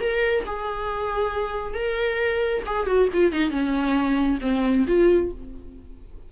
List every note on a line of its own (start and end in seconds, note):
0.00 0.44 A#4
0.46 1.74 G#4
1.74 2.62 A#4
2.66 2.87 G#4
2.87 3.09 F#4
3.13 3.32 F4
3.32 3.50 D#4
3.50 4.39 C#4
4.41 4.85 C4
4.87 5.31 F4